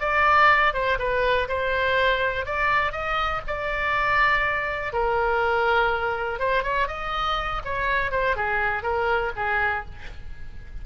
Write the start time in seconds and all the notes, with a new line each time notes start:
0.00 D5
0.74 C5
0.99 B4
1.48 C5
2.46 D5
2.92 D#5
3.47 D5
4.93 A#4
6.39 C5
6.63 C#5
6.88 D#5
7.65 C#5
8.11 C5
8.36 G#4
8.83 A#4
9.36 G#4